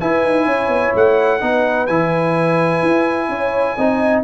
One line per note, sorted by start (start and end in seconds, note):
0.00 1.40 E4
0.00 0.23 E4
0.00 0.46 B4
0.00 0.94 G#5
0.23 0.47 D#4
0.46 0.68 C#4
0.46 1.40 C#5
0.68 0.92 B3
0.95 1.42 A3
0.95 1.87 F#5
1.40 1.89 B3
1.40 1.88 D#4
1.40 3.30 B4
1.87 2.83 E3
1.87 3.78 E4
1.87 4.23 G#5
2.83 3.29 E4
3.29 3.76 C#4
3.29 3.76 C#5
3.76 4.24 C4
3.76 4.24 D#4
3.76 4.23 D#5